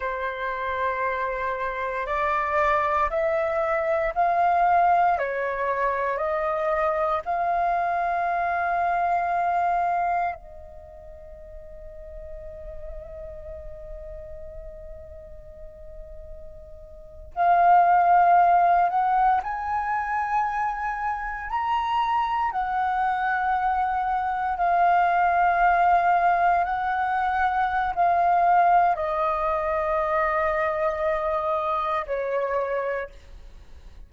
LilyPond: \new Staff \with { instrumentName = "flute" } { \time 4/4 \tempo 4 = 58 c''2 d''4 e''4 | f''4 cis''4 dis''4 f''4~ | f''2 dis''2~ | dis''1~ |
dis''8. f''4. fis''8 gis''4~ gis''16~ | gis''8. ais''4 fis''2 f''16~ | f''4.~ f''16 fis''4~ fis''16 f''4 | dis''2. cis''4 | }